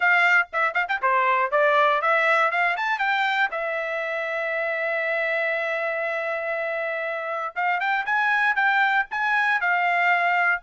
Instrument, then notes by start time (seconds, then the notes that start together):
trumpet
0.00 F5
0.52 E5
0.74 F5
0.88 G5
1.02 C5
1.51 D5
2.01 E5
2.51 F5
2.76 A5
2.99 G5
3.51 E5
7.55 F5
7.80 G5
8.05 G#5
8.55 G5
9.10 G#5
9.61 F5